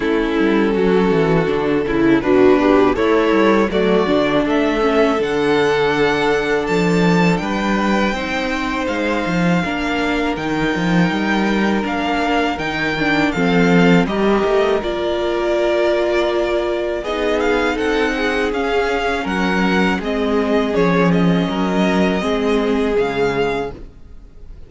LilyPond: <<
  \new Staff \with { instrumentName = "violin" } { \time 4/4 \tempo 4 = 81 a'2. b'4 | cis''4 d''4 e''4 fis''4~ | fis''4 a''4 g''2 | f''2 g''2 |
f''4 g''4 f''4 dis''4 | d''2. dis''8 f''8 | fis''4 f''4 fis''4 dis''4 | cis''8 dis''2~ dis''8 f''4 | }
  \new Staff \with { instrumentName = "violin" } { \time 4/4 e'4 fis'4. e'8 d'4 | e'4 fis'4 a'2~ | a'2 b'4 c''4~ | c''4 ais'2.~ |
ais'2 a'4 ais'4~ | ais'2. gis'4 | a'8 gis'4. ais'4 gis'4~ | gis'4 ais'4 gis'2 | }
  \new Staff \with { instrumentName = "viola" } { \time 4/4 cis'2 d'8 e'8 fis'8 g'8 | a'4 a8 d'4 cis'8 d'4~ | d'2. dis'4~ | dis'4 d'4 dis'2 |
d'4 dis'8 d'8 c'4 g'4 | f'2. dis'4~ | dis'4 cis'2 c'4 | cis'2 c'4 gis4 | }
  \new Staff \with { instrumentName = "cello" } { \time 4/4 a8 g8 fis8 e8 d8 cis8 b,4 | a8 g8 fis8 d8 a4 d4~ | d4 f4 g4 c'4 | gis8 f8 ais4 dis8 f8 g4 |
ais4 dis4 f4 g8 a8 | ais2. b4 | c'4 cis'4 fis4 gis4 | f4 fis4 gis4 cis4 | }
>>